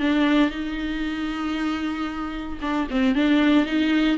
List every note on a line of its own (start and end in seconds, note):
0.00 0.51 D4
0.51 2.59 D#4
2.61 2.87 D4
2.91 3.15 C4
3.15 3.66 D4
3.66 4.18 D#4